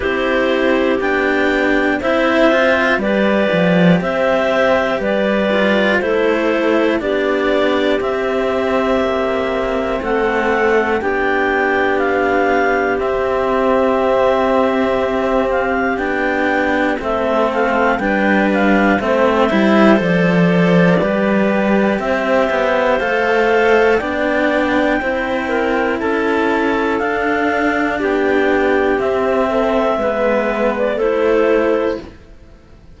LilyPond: <<
  \new Staff \with { instrumentName = "clarinet" } { \time 4/4 \tempo 4 = 60 c''4 g''4 e''4 d''4 | e''4 d''4 c''4 d''4 | e''2 fis''4 g''4 | f''4 e''2~ e''8 f''8 |
g''4 e''8 f''8 g''8 f''8 e''4 | d''2 e''4 f''4 | g''2 a''4 f''4 | g''4 e''4.~ e''16 d''16 c''4 | }
  \new Staff \with { instrumentName = "clarinet" } { \time 4/4 g'2 c''4 b'4 | c''4 b'4 a'4 g'4~ | g'2 a'4 g'4~ | g'1~ |
g'4 a'4 b'4 c''4~ | c''4 b'4 c''2 | d''4 c''8 ais'8 a'2 | g'4. a'8 b'4 a'4 | }
  \new Staff \with { instrumentName = "cello" } { \time 4/4 e'4 d'4 e'8 f'8 g'4~ | g'4. f'8 e'4 d'4 | c'2. d'4~ | d'4 c'2. |
d'4 c'4 d'4 c'8 e'8 | a'4 g'2 a'4 | d'4 e'2 d'4~ | d'4 c'4 b4 e'4 | }
  \new Staff \with { instrumentName = "cello" } { \time 4/4 c'4 b4 c'4 g8 f8 | c'4 g4 a4 b4 | c'4 ais4 a4 b4~ | b4 c'2. |
b4 a4 g4 a8 g8 | f4 g4 c'8 b8 a4 | b4 c'4 cis'4 d'4 | b4 c'4 gis4 a4 | }
>>